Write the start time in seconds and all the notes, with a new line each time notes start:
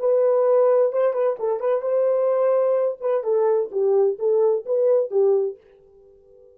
0.00 B4
0.93 C5
1.13 B4
1.40 A4
1.60 B4
1.82 C5
3.01 B4
3.24 A4
3.72 G4
4.19 A4
4.66 B4
5.11 G4